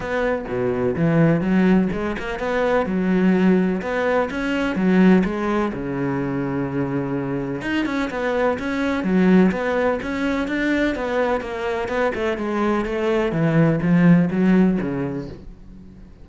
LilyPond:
\new Staff \with { instrumentName = "cello" } { \time 4/4 \tempo 4 = 126 b4 b,4 e4 fis4 | gis8 ais8 b4 fis2 | b4 cis'4 fis4 gis4 | cis1 |
dis'8 cis'8 b4 cis'4 fis4 | b4 cis'4 d'4 b4 | ais4 b8 a8 gis4 a4 | e4 f4 fis4 cis4 | }